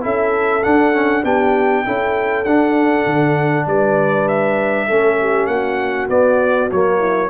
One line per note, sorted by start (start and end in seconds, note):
0.00 0.65 C#4
0.00 0.61 E4
0.00 1.23 A4
0.00 0.63 E5
0.63 0.92 D4
0.63 1.23 D4
0.63 1.23 F#5
0.92 1.23 C#4
1.23 1.84 B3
1.23 1.84 D4
1.23 1.83 G4
1.23 2.44 G5
1.84 2.45 C#4
1.84 2.45 E4
1.84 3.67 A4
2.44 3.06 D4
2.44 4.89 D4
2.44 3.66 F#5
3.06 3.66 D3
3.66 4.87 G3
3.66 4.86 B4
3.66 4.28 D5
4.28 5.46 E5
4.86 5.46 A3
4.86 6.09 C#4
4.86 5.17 A4
5.20 5.49 G4
5.46 6.07 A#3
5.46 6.98 F#4
5.46 6.07 F#5
6.08 6.69 B3
6.08 6.70 B3
6.08 6.70 D5
6.71 7.29 F#3
6.71 7.29 A#3
6.71 7.29 C#5
6.98 7.28 E4